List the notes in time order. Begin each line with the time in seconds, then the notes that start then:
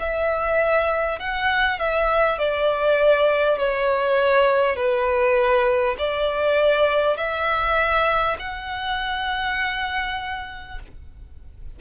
0.00 E5
1.19 F#5
1.79 E5
2.38 D5
3.58 C#5
4.76 B4
5.98 D5
7.17 E5
8.39 F#5